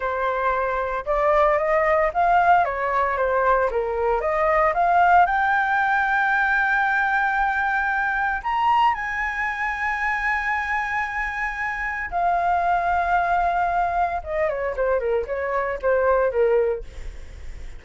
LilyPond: \new Staff \with { instrumentName = "flute" } { \time 4/4 \tempo 4 = 114 c''2 d''4 dis''4 | f''4 cis''4 c''4 ais'4 | dis''4 f''4 g''2~ | g''1 |
ais''4 gis''2.~ | gis''2. f''4~ | f''2. dis''8 cis''8 | c''8 ais'8 cis''4 c''4 ais'4 | }